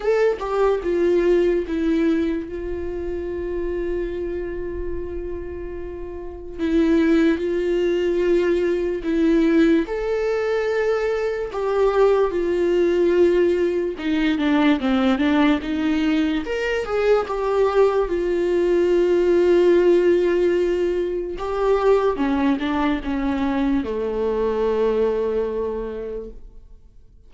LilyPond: \new Staff \with { instrumentName = "viola" } { \time 4/4 \tempo 4 = 73 a'8 g'8 f'4 e'4 f'4~ | f'1 | e'4 f'2 e'4 | a'2 g'4 f'4~ |
f'4 dis'8 d'8 c'8 d'8 dis'4 | ais'8 gis'8 g'4 f'2~ | f'2 g'4 cis'8 d'8 | cis'4 a2. | }